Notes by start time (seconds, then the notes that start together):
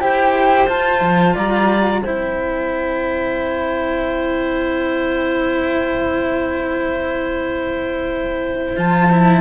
0.00 E4 G4 C5 G5
0.67 F4 A5
1.00 F3
1.34 G3 D5 A#5
2.01 C4 E4 C5 G5
8.76 F3 F4 A5
9.11 E4